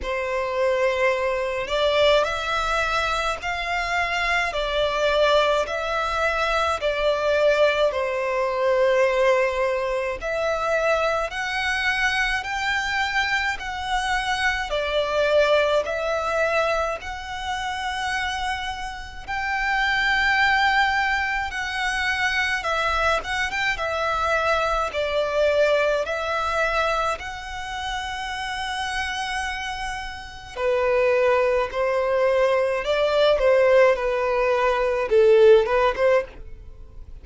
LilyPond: \new Staff \with { instrumentName = "violin" } { \time 4/4 \tempo 4 = 53 c''4. d''8 e''4 f''4 | d''4 e''4 d''4 c''4~ | c''4 e''4 fis''4 g''4 | fis''4 d''4 e''4 fis''4~ |
fis''4 g''2 fis''4 | e''8 fis''16 g''16 e''4 d''4 e''4 | fis''2. b'4 | c''4 d''8 c''8 b'4 a'8 b'16 c''16 | }